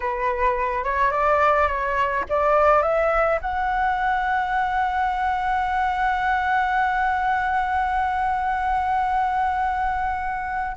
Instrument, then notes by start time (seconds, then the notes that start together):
flute
0.00 B4
0.84 C#5
1.11 D5
1.67 C#5
2.29 D5
2.82 E5
3.41 F#5